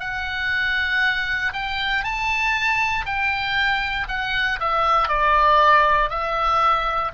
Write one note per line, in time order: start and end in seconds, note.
0.00 1.53 F#5
1.53 2.04 G5
2.04 3.06 A5
3.06 4.07 G5
4.08 4.59 F#5
4.60 5.08 E5
5.08 6.10 D5
6.10 7.11 E5